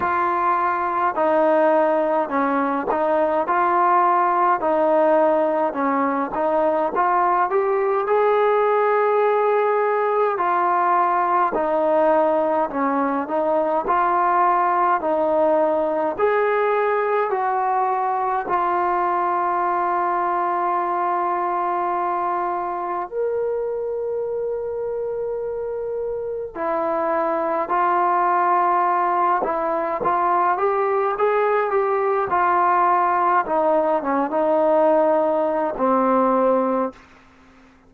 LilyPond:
\new Staff \with { instrumentName = "trombone" } { \time 4/4 \tempo 4 = 52 f'4 dis'4 cis'8 dis'8 f'4 | dis'4 cis'8 dis'8 f'8 g'8 gis'4~ | gis'4 f'4 dis'4 cis'8 dis'8 | f'4 dis'4 gis'4 fis'4 |
f'1 | ais'2. e'4 | f'4. e'8 f'8 g'8 gis'8 g'8 | f'4 dis'8 cis'16 dis'4~ dis'16 c'4 | }